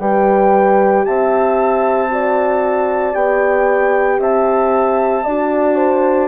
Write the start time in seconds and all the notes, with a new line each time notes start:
0.00 G3 G4 B4 G5
1.05 C4 E5 A5
2.09 F#4 D5
3.13 B3 G4 G5
4.19 C4 E5 A5
5.25 D4 F#4 D5
5.76 C5